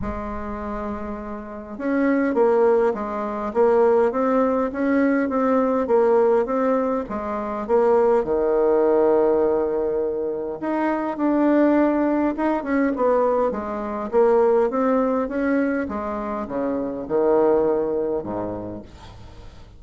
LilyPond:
\new Staff \with { instrumentName = "bassoon" } { \time 4/4 \tempo 4 = 102 gis2. cis'4 | ais4 gis4 ais4 c'4 | cis'4 c'4 ais4 c'4 | gis4 ais4 dis2~ |
dis2 dis'4 d'4~ | d'4 dis'8 cis'8 b4 gis4 | ais4 c'4 cis'4 gis4 | cis4 dis2 gis,4 | }